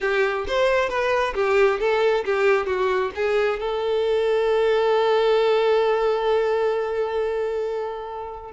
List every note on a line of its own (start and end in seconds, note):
0.01 0.45 G4
0.47 0.89 C5
0.89 1.34 B4
1.34 1.79 G4
1.79 2.24 A4
2.24 2.66 G4
2.66 3.11 F#4
3.15 3.59 G#4
3.59 8.52 A4